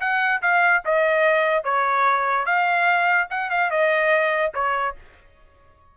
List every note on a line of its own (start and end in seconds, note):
0.00 0.41 F#5
0.42 0.83 F5
0.85 1.64 D#5
1.64 2.45 C#5
2.45 3.28 F5
3.30 3.50 F#5
3.50 3.70 F5
3.70 4.53 D#5
4.54 4.95 C#5